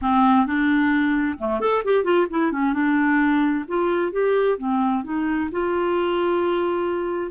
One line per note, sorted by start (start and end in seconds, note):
0.01 0.46 C4
0.46 1.38 D4
1.38 1.60 A3
1.60 1.83 A4
1.84 2.04 G4
2.04 2.27 F4
2.30 2.51 E4
2.51 2.73 C#4
2.73 3.65 D4
3.68 4.12 F4
4.12 4.58 G4
4.58 5.04 C4
5.04 5.49 D#4
5.51 7.31 F4